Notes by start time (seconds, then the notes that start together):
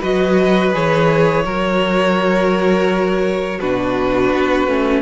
0.00 F#3 F#4 B4 D#5
0.72 E3 G#4 C#5
1.44 F#3 F#4 A#4
3.59 B2 D4 F#4 B4
4.31 B3
4.67 A3 C#4